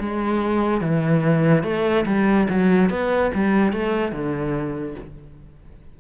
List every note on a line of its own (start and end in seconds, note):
0.00 0.81 G#3
0.81 1.64 E3
1.64 2.05 A3
2.06 2.48 G3
2.50 2.90 F#3
2.90 3.32 B3
3.34 3.73 G3
3.73 4.12 A3
4.12 4.95 D3